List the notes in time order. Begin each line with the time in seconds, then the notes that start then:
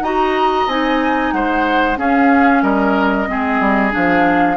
0.00 D#4 F#4 D#5 A#5
0.66 C4 D#4 G#5
1.32 G#3 C5 F#5
1.96 C#4 G#4 F5
2.62 G3 A#4 D#5
3.27 G#3 C4 G#4
3.60 G3
3.91 F3 D4 F5